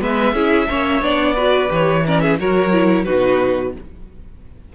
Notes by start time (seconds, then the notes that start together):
0.00 G#3 B3 B4 E5
0.33 C#4 E4 G#4
0.68 A#3 C#4 C#5
1.01 B3 D4 D5
1.34 F#4 B4
1.68 E3 G4 C#5
2.05 C#4 A#4 D5
2.20 G#4 E5
2.39 F#3 F#4 A#4 C#5
2.72 E4
3.05 B2 D#4 F#4 B4